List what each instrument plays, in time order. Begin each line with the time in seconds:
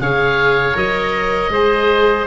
0.00 tuba C#3, viola G#4, oboe C#5 F5
0.75 tuba F#3, viola A#4, oboe D#5
1.50 tuba G#3, viola G#4, oboe C5